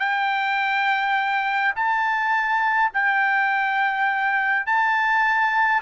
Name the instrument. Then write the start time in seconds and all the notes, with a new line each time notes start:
trumpet
0.00 G5
1.76 A5
2.94 G5
4.67 A5